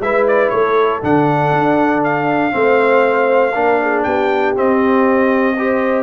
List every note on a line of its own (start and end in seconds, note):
0.00 0.50 G#3
0.00 1.02 E4
0.00 0.53 B4
0.00 0.27 E5
0.28 0.50 D5
0.50 1.03 A3
0.50 2.55 A4
0.50 1.00 C#5
1.02 1.52 D3
1.02 2.51 D4
1.02 2.04 F#5
1.52 2.53 D4
2.04 4.03 F5
2.51 3.55 A3
2.51 3.52 C4
2.51 3.55 C5
3.55 4.05 A#3
3.55 4.56 D4
3.55 3.80 A#4
3.82 4.05 G#4
4.03 4.56 B3
4.03 5.57 G4
4.03 4.54 G5
4.56 5.57 C4
4.56 6.03 C4
4.56 6.03 D#5
5.58 6.03 G4
5.58 6.03 C5